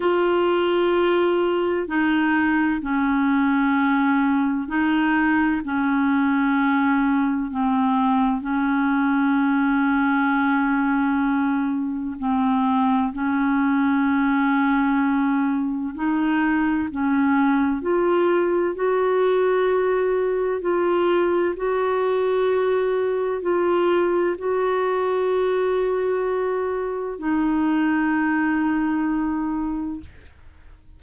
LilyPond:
\new Staff \with { instrumentName = "clarinet" } { \time 4/4 \tempo 4 = 64 f'2 dis'4 cis'4~ | cis'4 dis'4 cis'2 | c'4 cis'2.~ | cis'4 c'4 cis'2~ |
cis'4 dis'4 cis'4 f'4 | fis'2 f'4 fis'4~ | fis'4 f'4 fis'2~ | fis'4 dis'2. | }